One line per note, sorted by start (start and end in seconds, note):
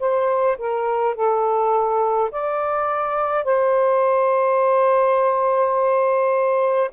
0.00 0.58 C5
0.58 1.15 A#4
1.15 2.31 A4
2.31 3.45 D5
3.45 6.91 C5